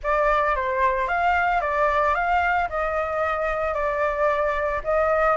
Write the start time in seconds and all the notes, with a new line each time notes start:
0.03 D5
0.55 C5
1.07 F5
1.61 D5
2.15 F5
2.69 D#5
3.74 D5
4.84 D#5